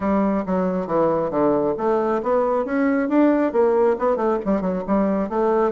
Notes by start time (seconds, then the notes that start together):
0.00 G3
0.46 F#3
0.87 E3
1.30 D3
1.77 A3
2.22 B3
2.65 C#4
3.08 D4
3.52 A#3
3.98 B3
4.16 A3
4.45 G3
4.61 F#3
4.87 G3
5.29 A3